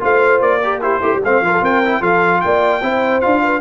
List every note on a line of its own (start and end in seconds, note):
0.00 0.40 A3
0.00 0.60 F4
0.00 0.63 C5
0.00 0.41 F5
0.40 1.00 A#3
0.40 0.81 D5
0.63 0.81 G4
0.63 0.82 A#4
0.81 1.01 E4
0.81 1.00 G4
0.81 1.23 C5
1.00 1.12 A3
1.00 1.20 E4
1.00 1.22 G4
1.15 1.25 G3
1.24 1.41 A3
1.24 1.44 C4
1.24 1.44 C5
1.24 1.64 F5
1.41 1.61 F3
1.41 1.84 F4
1.41 1.53 A#4
1.53 1.62 A4
1.61 2.01 C4
1.61 2.01 A#4
1.61 2.02 G5
1.85 2.01 E4
2.01 2.41 F3
2.01 2.81 F4
2.01 2.41 A4
2.01 2.41 F5
2.41 2.82 A#3
2.41 2.83 D5
2.41 3.21 G5
2.82 3.22 C4
2.82 3.22 E4
2.82 3.43 C5
3.21 3.61 D4
3.21 3.61 F4
3.21 3.61 F5
3.43 3.61 B4